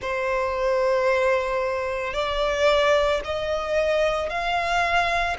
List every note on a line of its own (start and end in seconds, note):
0.01 2.13 C5
2.13 3.20 D5
3.24 4.29 D#5
4.29 5.36 F5